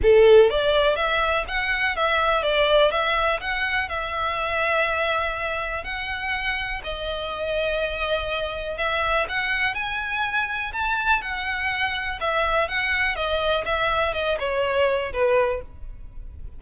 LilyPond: \new Staff \with { instrumentName = "violin" } { \time 4/4 \tempo 4 = 123 a'4 d''4 e''4 fis''4 | e''4 d''4 e''4 fis''4 | e''1 | fis''2 dis''2~ |
dis''2 e''4 fis''4 | gis''2 a''4 fis''4~ | fis''4 e''4 fis''4 dis''4 | e''4 dis''8 cis''4. b'4 | }